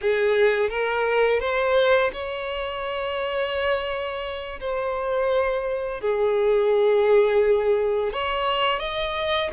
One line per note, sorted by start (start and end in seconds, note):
0.01 0.69 G#4
0.69 1.40 A#4
1.40 2.10 C5
2.12 4.59 C#5
4.59 6.00 C5
6.00 8.12 G#4
8.12 8.79 C#5
8.79 9.49 D#5